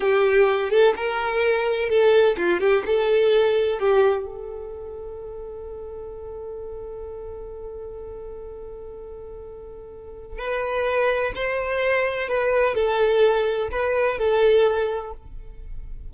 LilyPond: \new Staff \with { instrumentName = "violin" } { \time 4/4 \tempo 4 = 127 g'4. a'8 ais'2 | a'4 f'8 g'8 a'2 | g'4 a'2.~ | a'1~ |
a'1~ | a'2 b'2 | c''2 b'4 a'4~ | a'4 b'4 a'2 | }